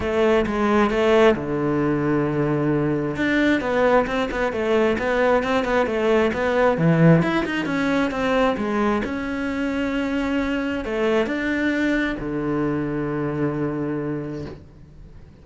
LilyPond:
\new Staff \with { instrumentName = "cello" } { \time 4/4 \tempo 4 = 133 a4 gis4 a4 d4~ | d2. d'4 | b4 c'8 b8 a4 b4 | c'8 b8 a4 b4 e4 |
e'8 dis'8 cis'4 c'4 gis4 | cis'1 | a4 d'2 d4~ | d1 | }